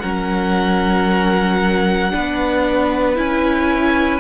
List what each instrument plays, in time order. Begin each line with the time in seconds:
0.00 cello F#3, viola C#4, violin A#4 F#5
2.11 cello B3, viola D4, violin B4
3.16 cello C#4, viola E4, violin G#5